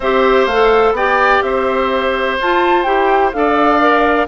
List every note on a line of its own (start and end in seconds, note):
0.00 0.46 C4
0.00 0.50 G4
0.00 0.93 C5
0.00 0.45 E5
0.45 0.92 A3
0.45 0.93 F5
0.52 0.97 A4
0.92 1.39 B3
0.92 2.40 G4
0.92 1.43 D5
0.92 1.41 G5
1.41 2.37 C4
1.41 3.36 C5
1.41 2.37 E5
2.40 2.85 F4
2.40 2.83 A5
2.83 3.32 E4
2.83 3.33 G4
2.83 3.30 G5
3.32 4.27 D4
3.32 3.80 A4
3.32 4.27 D5
3.32 4.27 F5
3.80 4.27 A#4